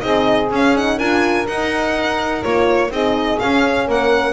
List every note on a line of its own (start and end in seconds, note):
0.00 0.51 C4
0.00 0.48 D#4
0.00 0.97 G#4
0.00 0.48 D#5
0.51 0.99 C#4
0.51 0.76 C#4
0.51 0.77 F5
0.76 0.99 D#4
0.76 0.99 F#5
0.97 1.47 D4
0.97 1.46 F4
0.97 2.89 A#4
0.97 1.47 G#5
1.46 2.42 D#4
1.46 2.43 D#4
1.46 2.43 F#5
2.42 2.90 A#3
2.42 2.90 F4
2.42 2.91 C#5
2.90 3.38 C4
2.90 3.39 D#4
2.90 3.85 G#4
2.90 3.39 D#5
3.39 4.32 C#4
3.39 3.88 C#4
3.39 3.87 F5
3.85 4.32 A#3
3.85 4.32 A#4
3.85 4.32 F#5